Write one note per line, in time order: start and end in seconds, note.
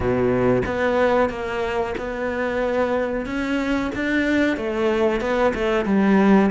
0.00 0.62 B2
0.65 1.29 B3
1.29 1.94 A#3
1.97 3.26 B3
3.26 3.91 C#4
3.95 4.57 D4
4.57 5.20 A3
5.20 5.53 B3
5.54 5.85 A3
5.85 6.50 G3